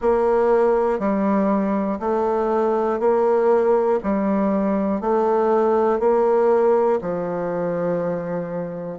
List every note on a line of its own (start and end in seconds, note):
0.01 0.99 A#3
0.99 1.99 G3
2.00 2.99 A3
2.99 3.99 A#3
4.03 5.00 G3
5.00 5.99 A3
5.99 6.99 A#3
7.00 8.98 F3